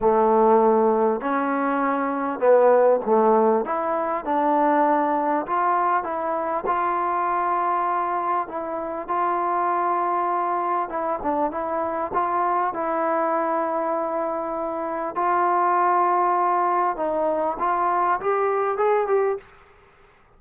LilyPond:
\new Staff \with { instrumentName = "trombone" } { \time 4/4 \tempo 4 = 99 a2 cis'2 | b4 a4 e'4 d'4~ | d'4 f'4 e'4 f'4~ | f'2 e'4 f'4~ |
f'2 e'8 d'8 e'4 | f'4 e'2.~ | e'4 f'2. | dis'4 f'4 g'4 gis'8 g'8 | }